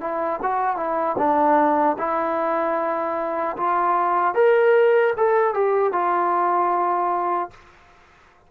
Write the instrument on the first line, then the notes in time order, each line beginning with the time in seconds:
trombone
0.00 E4
0.42 F#4
0.76 E4
1.17 D4
1.98 E4
3.56 F4
4.34 A#4
5.16 A4
5.53 G4
5.92 F4